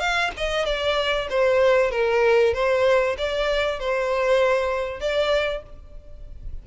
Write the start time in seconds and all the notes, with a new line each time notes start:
0.00 F5
0.37 D#5
0.66 D5
1.30 C5
1.91 A#4
2.54 C5
3.18 D5
3.80 C5
5.00 D5